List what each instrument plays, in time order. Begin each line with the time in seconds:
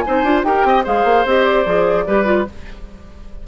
0.00 clarinet D#4, oboe C5, flute G#5
0.08 bassoon C4
0.23 bassoon D4, clarinet F4
0.44 bassoon D#4, clarinet G4, oboe A#4, flute G5
0.64 bassoon C4, oboe D#5
0.84 bassoon G#3, clarinet G#4, oboe C5, flute F5
1.04 bassoon A#3
1.25 bassoon C4, clarinet G4, flute D#5
1.43 flute D5
1.66 bassoon F3, clarinet G#4
2.06 bassoon G3, clarinet G4, oboe B4
2.24 clarinet F4